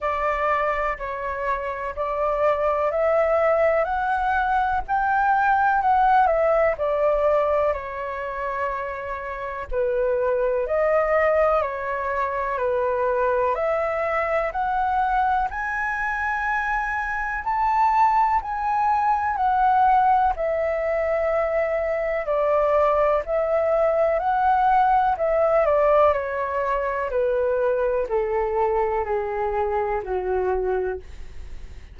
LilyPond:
\new Staff \with { instrumentName = "flute" } { \time 4/4 \tempo 4 = 62 d''4 cis''4 d''4 e''4 | fis''4 g''4 fis''8 e''8 d''4 | cis''2 b'4 dis''4 | cis''4 b'4 e''4 fis''4 |
gis''2 a''4 gis''4 | fis''4 e''2 d''4 | e''4 fis''4 e''8 d''8 cis''4 | b'4 a'4 gis'4 fis'4 | }